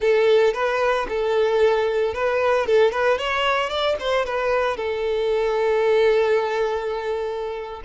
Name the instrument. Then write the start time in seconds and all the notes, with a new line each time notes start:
violin
0.00 A4
0.53 B4
1.08 A4
2.14 B4
2.66 A4
2.91 B4
3.18 C#5
3.69 D5
3.99 C5
4.25 B4
4.76 A4